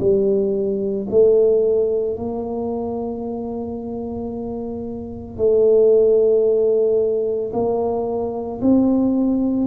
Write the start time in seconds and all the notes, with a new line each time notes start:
0.00 G3
1.10 A3
2.16 A#3
5.37 A3
7.53 A#3
8.61 C4